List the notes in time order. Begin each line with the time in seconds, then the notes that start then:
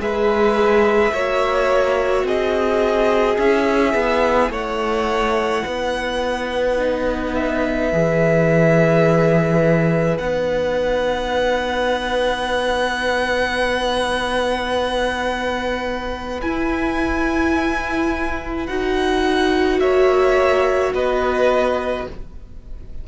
0.00 G#3 G#4 B4 E5
1.13 A#3 F#4 C#5
2.24 C4 G#4 D#5
3.38 C#4 E4 E5
3.95 B3
4.50 A3 C#5 F#5
5.65 B3 B4
6.79 D#4
7.35 E5
7.93 E3 G#4
10.18 B3 D#4 F#5
16.42 E4 G#5
18.67 D#4 F#4 F#5
19.80 A#3 C#5 E5
20.94 B3 B4 D#5